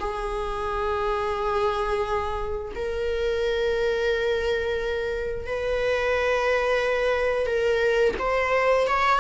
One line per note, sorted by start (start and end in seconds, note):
0.00 2.73 G#4
2.76 5.47 A#4
5.47 7.47 B4
7.47 8.15 A#4
8.19 8.88 C5
8.88 9.20 C#5